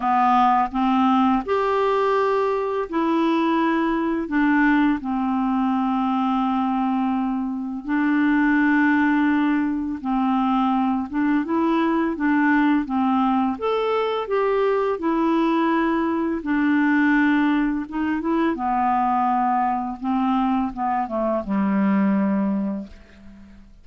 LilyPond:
\new Staff \with { instrumentName = "clarinet" } { \time 4/4 \tempo 4 = 84 b4 c'4 g'2 | e'2 d'4 c'4~ | c'2. d'4~ | d'2 c'4. d'8 |
e'4 d'4 c'4 a'4 | g'4 e'2 d'4~ | d'4 dis'8 e'8 b2 | c'4 b8 a8 g2 | }